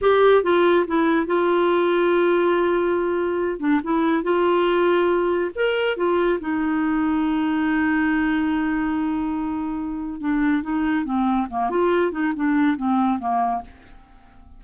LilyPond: \new Staff \with { instrumentName = "clarinet" } { \time 4/4 \tempo 4 = 141 g'4 f'4 e'4 f'4~ | f'1~ | f'8 d'8 e'4 f'2~ | f'4 ais'4 f'4 dis'4~ |
dis'1~ | dis'1 | d'4 dis'4 c'4 ais8 f'8~ | f'8 dis'8 d'4 c'4 ais4 | }